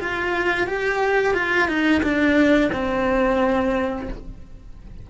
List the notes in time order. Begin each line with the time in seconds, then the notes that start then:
0.00 F4
0.67 G4
1.34 F4
1.68 D#4
2.03 D4
2.72 C4